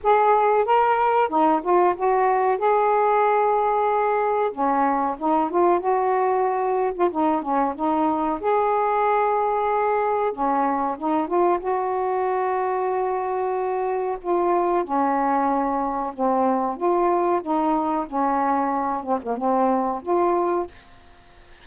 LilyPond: \new Staff \with { instrumentName = "saxophone" } { \time 4/4 \tempo 4 = 93 gis'4 ais'4 dis'8 f'8 fis'4 | gis'2. cis'4 | dis'8 f'8 fis'4.~ fis'16 f'16 dis'8 cis'8 | dis'4 gis'2. |
cis'4 dis'8 f'8 fis'2~ | fis'2 f'4 cis'4~ | cis'4 c'4 f'4 dis'4 | cis'4. c'16 ais16 c'4 f'4 | }